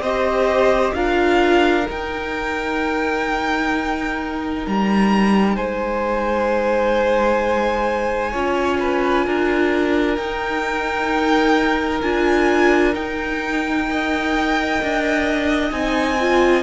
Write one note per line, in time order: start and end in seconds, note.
0.00 0.92 C4
0.00 0.96 G4
0.00 0.95 C5
0.00 0.94 D#5
0.94 1.87 D4
0.94 1.84 F4
0.94 5.56 A#4
0.94 1.87 F5
1.84 8.30 D#4
1.90 4.67 D#4
1.90 4.67 G5
4.67 5.57 G3
4.67 5.57 A#5
5.56 8.34 G#3
5.56 8.32 C5
5.56 10.16 G#5
8.32 9.27 C#4
8.32 10.18 F4
8.32 8.78 C#5
8.80 9.26 B4
9.26 10.17 D4
9.26 13.88 A#4
10.16 12.02 D#4
10.16 12.03 D#4
10.16 12.01 G5
12.02 12.95 D4
12.02 12.94 F4
12.02 12.94 G#5
12.94 13.87 D#4
12.94 14.80 D#4
12.94 15.72 G5
13.88 15.71 A#4
13.88 16.63 D#5
14.83 15.72 D4
15.71 16.63 C4
15.71 16.17 D#4
15.71 16.63 G#5
16.21 16.63 F4